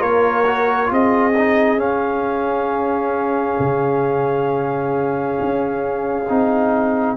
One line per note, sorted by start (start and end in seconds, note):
0.00 0.91 A#3
0.00 0.45 F4
0.00 0.90 A#4
0.00 0.92 C#5
0.46 0.87 F#4
0.87 1.77 C4
0.87 1.32 F4
0.87 7.17 G#4
0.93 1.80 D#5
1.38 1.78 D#4
1.77 3.56 C#4
1.77 6.26 C#4
1.77 7.17 F5
3.60 5.39 C#3
5.40 6.30 C#4
6.30 7.17 C4
6.30 7.17 D#4